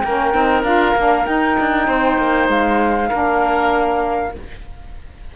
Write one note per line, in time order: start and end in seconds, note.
0.00 0.34 A#3
0.00 1.87 A#4
0.00 0.62 G5
0.06 0.33 C#4
0.33 0.63 C4
0.33 0.64 D#4
0.63 0.94 D4
0.63 0.95 F4
0.63 1.25 F5
0.95 1.26 A#3
0.95 1.25 D4
1.25 3.11 D#4
1.25 1.57 D#4
1.25 2.49 G5
1.59 1.87 D4
1.87 2.18 C4
1.87 3.09 C5
2.18 2.48 A#3
2.48 3.10 G#3
2.48 4.35 F5
3.09 4.35 A#3
3.09 4.35 D4
3.09 4.33 A#4